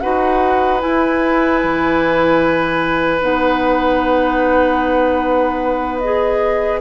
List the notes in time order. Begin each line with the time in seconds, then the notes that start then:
0.00 D#4 F#4 B4 F#5
0.79 E4 G#5
1.63 E3
3.20 B3 D#4 F#5
5.99 G#4 D#5